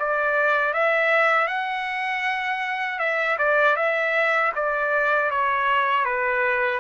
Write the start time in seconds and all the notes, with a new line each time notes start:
0.00 D5
0.74 E5
1.48 F#5
3.00 E5
3.39 D5
3.77 E5
4.56 D5
5.31 C#5
6.05 B4